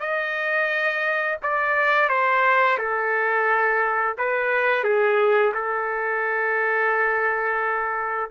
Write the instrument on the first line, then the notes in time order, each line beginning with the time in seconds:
trumpet
0.00 D#5
1.43 D5
2.09 C5
2.79 A4
4.18 B4
4.84 G#4
5.55 A4